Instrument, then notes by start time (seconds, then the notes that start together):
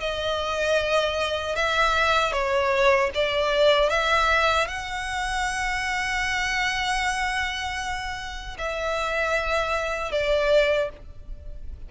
violin
0.00 D#5
1.56 E5
2.33 C#5
3.15 D5
3.90 E5
4.68 F#5
8.58 E5
10.12 D5